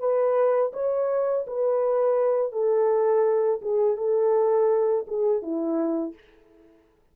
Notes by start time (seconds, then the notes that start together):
0.00 B4
0.74 C#5
1.47 B4
2.53 A4
3.62 G#4
3.98 A4
5.08 G#4
5.42 E4